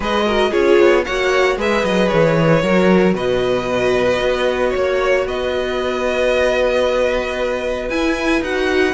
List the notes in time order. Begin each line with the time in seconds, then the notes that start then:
0.00 G#3 G#4 B4 D#5
0.26 F#4 A#4
0.50 C#4 F4 G#4 C#5
0.79 B3
1.04 A#3 F#4 C#5 F#5
1.57 G#3 G#4 B4 E5
1.83 F#3 D#5
2.08 E3 C#5
2.62 F#3 F#4 A#4
3.13 B2 B4 D#5
4.21 B3
4.69 A#3 C#5
5.26 B3 B4 D#5
7.89 E4 G#5
8.41 D#4 F#4 F#5